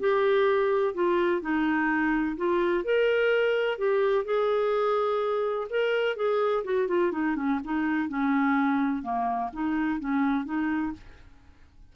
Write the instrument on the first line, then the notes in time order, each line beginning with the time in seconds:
clarinet
0.00 G4
0.94 F4
1.42 D#4
2.37 F4
2.84 A#4
3.78 G4
4.25 G#4
5.70 A#4
6.16 G#4
6.64 F#4
6.88 F4
7.12 D#4
7.36 C#4
7.64 D#4
8.09 C#4
9.03 A#3
9.53 D#4
10.00 C#4
10.45 D#4